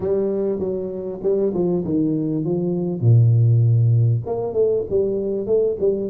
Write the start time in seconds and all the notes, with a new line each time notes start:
0.00 G3
0.59 F#3
1.22 G3
1.53 F3
1.84 D#3
2.44 F3
3.00 A#2
4.26 A#3
4.53 A3
4.90 G3
5.46 A3
5.79 G3